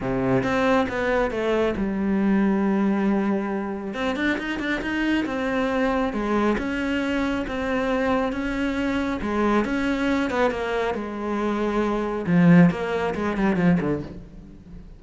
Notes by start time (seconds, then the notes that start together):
0.00 C3
0.43 C4
0.89 B3
1.30 A3
1.76 G3
3.94 C4
4.16 D4
4.38 D#4
4.59 D4
4.81 D#4
5.25 C4
6.13 G#3
6.58 C#4
7.47 C4
8.32 C#4
9.21 G#3
9.65 C#4
10.30 B3
10.50 A#3
10.94 G#3
12.26 F3
12.70 A#3
13.14 G#3
13.36 G3
13.56 F3
13.80 D3